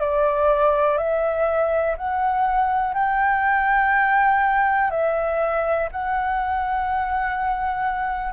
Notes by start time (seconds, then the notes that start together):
0.00 D5
0.97 E5
1.97 F#5
2.94 G5
4.90 E5
5.92 F#5